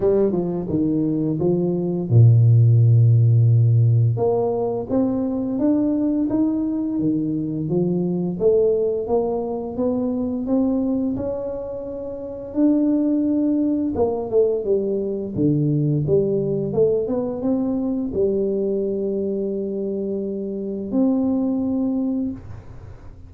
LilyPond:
\new Staff \with { instrumentName = "tuba" } { \time 4/4 \tempo 4 = 86 g8 f8 dis4 f4 ais,4~ | ais,2 ais4 c'4 | d'4 dis'4 dis4 f4 | a4 ais4 b4 c'4 |
cis'2 d'2 | ais8 a8 g4 d4 g4 | a8 b8 c'4 g2~ | g2 c'2 | }